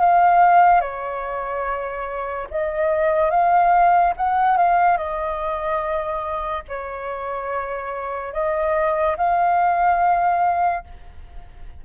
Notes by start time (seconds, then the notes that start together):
0.00 F5
0.81 C#5
2.51 D#5
3.31 F5
4.17 F#5
4.58 F5
4.97 D#5
6.69 C#5
8.33 D#5
9.17 F5